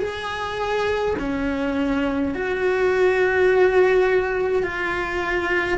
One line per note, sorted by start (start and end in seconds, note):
0.00 1.15 G#4
1.20 2.35 C#4
2.35 4.64 F#4
4.64 5.78 F4